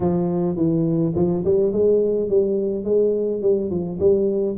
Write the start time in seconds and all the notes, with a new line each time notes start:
0.00 F3
0.56 E3
1.15 F3
1.44 G3
1.72 G#3
2.29 G3
2.84 G#3
3.41 G3
3.70 F3
3.99 G3